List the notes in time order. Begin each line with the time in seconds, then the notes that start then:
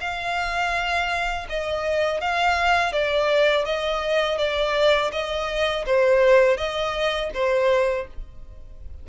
0.00 F5
1.49 D#5
2.21 F5
2.92 D5
3.65 D#5
4.38 D5
5.12 D#5
5.86 C5
6.57 D#5
7.34 C5